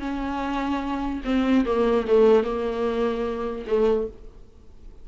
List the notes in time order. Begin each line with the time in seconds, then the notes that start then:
0.00 C#4
1.25 C4
1.65 A#3
2.07 A3
2.44 A#3
3.67 A3